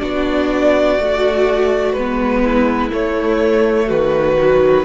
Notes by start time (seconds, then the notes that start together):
0.00 B3 D4 F#4 D5
0.99 A3 F#4
1.93 G#3 B3 B4
2.45 E4
2.92 A3 C#5
3.87 D#3 F#4 B4
4.38 F#3